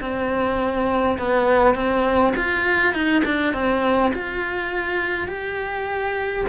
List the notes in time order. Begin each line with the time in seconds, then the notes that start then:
0.00 C4
1.18 B3
1.74 C4
2.36 F4
2.93 D#4
3.24 D4
3.53 C4
4.14 F4
5.28 G4